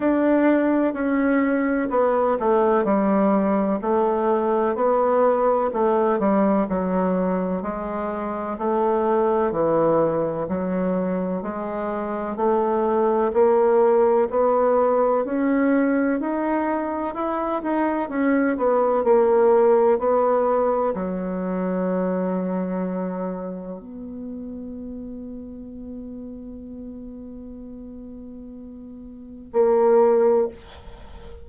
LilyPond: \new Staff \with { instrumentName = "bassoon" } { \time 4/4 \tempo 4 = 63 d'4 cis'4 b8 a8 g4 | a4 b4 a8 g8 fis4 | gis4 a4 e4 fis4 | gis4 a4 ais4 b4 |
cis'4 dis'4 e'8 dis'8 cis'8 b8 | ais4 b4 fis2~ | fis4 b2.~ | b2. ais4 | }